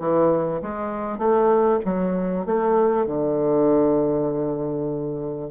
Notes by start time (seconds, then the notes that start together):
0.00 E3
0.62 G#3
1.18 A3
1.85 F#3
2.46 A3
3.06 D3